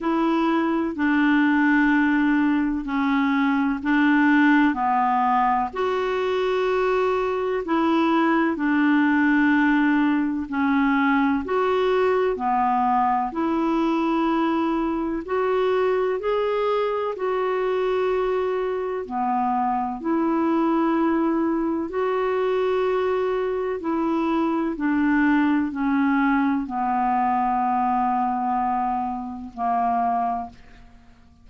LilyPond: \new Staff \with { instrumentName = "clarinet" } { \time 4/4 \tempo 4 = 63 e'4 d'2 cis'4 | d'4 b4 fis'2 | e'4 d'2 cis'4 | fis'4 b4 e'2 |
fis'4 gis'4 fis'2 | b4 e'2 fis'4~ | fis'4 e'4 d'4 cis'4 | b2. ais4 | }